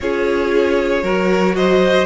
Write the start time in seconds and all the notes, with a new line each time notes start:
0.00 C#4 F4 G#4 C#5
1.03 F#3 F#4 A#4
1.55 C5 D#5